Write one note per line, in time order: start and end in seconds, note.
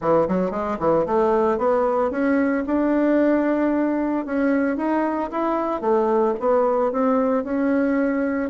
0.01 0.27 E3
0.28 0.50 F#3
0.50 0.77 G#3
0.79 1.05 E3
1.05 1.58 A3
1.58 2.10 B3
2.10 2.64 C#4
2.66 4.25 D4
4.25 4.76 C#4
4.76 5.30 D#4
5.31 5.81 E4
5.81 6.34 A3
6.39 6.91 B3
6.91 7.44 C4
7.44 8.50 C#4